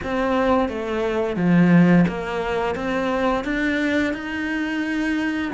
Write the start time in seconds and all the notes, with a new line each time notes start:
0.03 C4
0.68 A3
1.36 F3
2.08 A#3
2.75 C4
3.44 D4
4.13 D#4